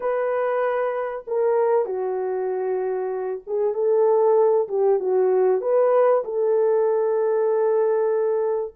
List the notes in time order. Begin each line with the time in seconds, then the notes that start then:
0.00 B4
1.27 A#4
1.85 F#4
3.47 G#4
3.74 A4
4.68 G4
4.99 F#4
5.61 B4
6.24 A4